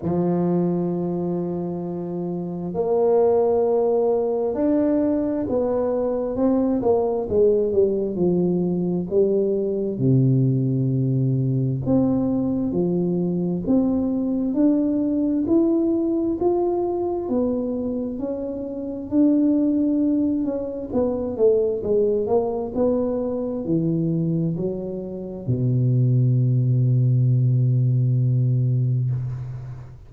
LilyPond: \new Staff \with { instrumentName = "tuba" } { \time 4/4 \tempo 4 = 66 f2. ais4~ | ais4 d'4 b4 c'8 ais8 | gis8 g8 f4 g4 c4~ | c4 c'4 f4 c'4 |
d'4 e'4 f'4 b4 | cis'4 d'4. cis'8 b8 a8 | gis8 ais8 b4 e4 fis4 | b,1 | }